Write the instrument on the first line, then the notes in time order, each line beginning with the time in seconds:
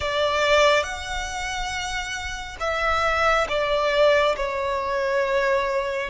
violin
0.00 D5
0.83 F#5
2.60 E5
3.48 D5
4.36 C#5